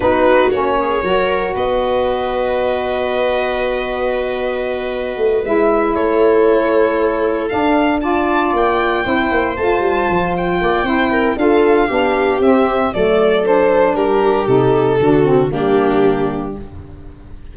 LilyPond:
<<
  \new Staff \with { instrumentName = "violin" } { \time 4/4 \tempo 4 = 116 b'4 cis''2 dis''4~ | dis''1~ | dis''2~ dis''8 e''4 cis''8~ | cis''2~ cis''8 f''4 a''8~ |
a''8 g''2 a''4. | g''2 f''2 | e''4 d''4 c''4 ais'4 | a'2 g'2 | }
  \new Staff \with { instrumentName = "viola" } { \time 4/4 fis'4. gis'8 ais'4 b'4~ | b'1~ | b'2.~ b'8 a'8~ | a'2.~ a'8 d''8~ |
d''4. c''2~ c''8~ | c''8 d''8 c''8 ais'8 a'4 g'4~ | g'4 a'2 g'4~ | g'4 fis'4 d'2 | }
  \new Staff \with { instrumentName = "saxophone" } { \time 4/4 dis'4 cis'4 fis'2~ | fis'1~ | fis'2~ fis'8 e'4.~ | e'2~ e'8 d'4 f'8~ |
f'4. e'4 f'4.~ | f'4 e'4 f'4 d'4 | c'4 a4 d'2 | dis'4 d'8 c'8 ais2 | }
  \new Staff \with { instrumentName = "tuba" } { \time 4/4 b4 ais4 fis4 b4~ | b1~ | b2 a8 gis4 a8~ | a2~ a8 d'4.~ |
d'8 ais4 c'8 ais8 a8 g8 f8~ | f8 ais8 c'4 d'4 b4 | c'4 fis2 g4 | c4 d4 g2 | }
>>